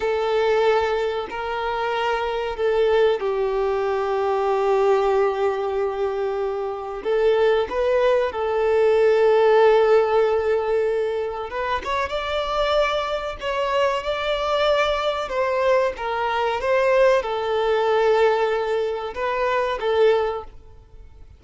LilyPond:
\new Staff \with { instrumentName = "violin" } { \time 4/4 \tempo 4 = 94 a'2 ais'2 | a'4 g'2.~ | g'2. a'4 | b'4 a'2.~ |
a'2 b'8 cis''8 d''4~ | d''4 cis''4 d''2 | c''4 ais'4 c''4 a'4~ | a'2 b'4 a'4 | }